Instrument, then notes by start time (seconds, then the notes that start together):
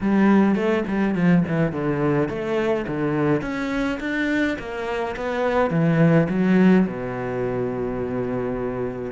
cello
0.01 G3
0.55 A3
0.87 G3
1.15 F3
1.47 E3
1.72 D3
2.28 A3
2.87 D3
3.41 C#4
4.00 D4
4.58 A#3
5.16 B3
5.70 E3
6.29 F#3
6.86 B2